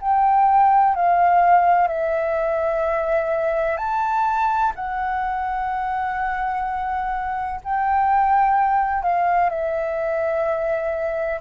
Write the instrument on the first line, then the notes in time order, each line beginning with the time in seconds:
flute
0.00 G5
0.95 F5
1.87 E5
3.77 A5
4.75 F#5
7.64 G5
9.03 F5
9.49 E5